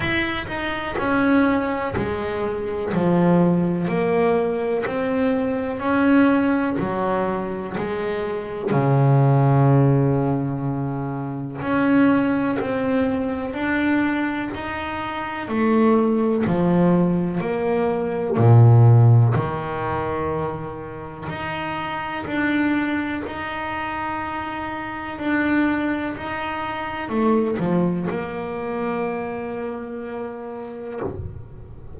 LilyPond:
\new Staff \with { instrumentName = "double bass" } { \time 4/4 \tempo 4 = 62 e'8 dis'8 cis'4 gis4 f4 | ais4 c'4 cis'4 fis4 | gis4 cis2. | cis'4 c'4 d'4 dis'4 |
a4 f4 ais4 ais,4 | dis2 dis'4 d'4 | dis'2 d'4 dis'4 | a8 f8 ais2. | }